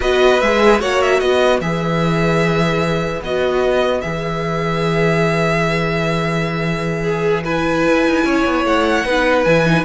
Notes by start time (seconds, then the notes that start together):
0.00 B3 F#4 B4 D#5
0.40 G#3 G#4 E5
0.80 A#3 F#4 C#5 F#5
1.01 E5
1.19 B3 B4 D#5
1.61 E3 G#4 E5
3.20 B3 F#4 D#5
4.01 E3 G#4 E5
7.03 G#4
7.44 E4 B4 G#5
7.87 E4
8.06 D#4
8.23 C#4 C#5
8.44 B3
8.64 A3 F#5
9.05 B3 D#4 B4
9.44 E3 E4 G#5
9.65 D#4